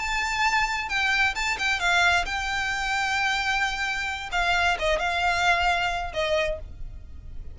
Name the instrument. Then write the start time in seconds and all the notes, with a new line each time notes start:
violin
0.00 A5
0.89 G5
1.35 A5
1.59 G5
1.80 F5
2.26 G5
4.32 F5
4.80 D#5
5.00 F5
6.14 D#5